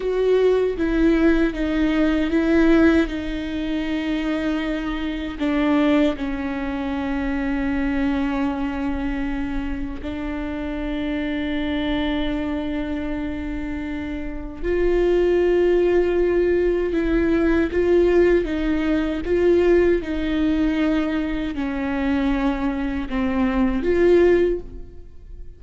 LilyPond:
\new Staff \with { instrumentName = "viola" } { \time 4/4 \tempo 4 = 78 fis'4 e'4 dis'4 e'4 | dis'2. d'4 | cis'1~ | cis'4 d'2.~ |
d'2. f'4~ | f'2 e'4 f'4 | dis'4 f'4 dis'2 | cis'2 c'4 f'4 | }